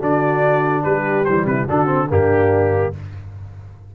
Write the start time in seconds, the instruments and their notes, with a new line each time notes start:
0.00 tuba D3, trombone D4, horn F#4, trumpet D5
0.84 tuba G3, horn G4, trumpet B4
1.25 tuba E3, trombone G3, trumpet C5
1.45 tuba C3, horn E4, trumpet B4
1.66 tuba D3, trombone D4, horn F#4, trumpet A4
1.86 trombone C4
2.10 tuba G2, trombone A#3, horn D4, trumpet G4